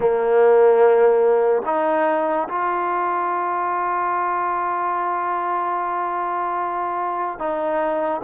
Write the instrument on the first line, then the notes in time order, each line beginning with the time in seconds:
trombone
0.00 A#3
1.65 D#4
2.48 F4
7.39 D#4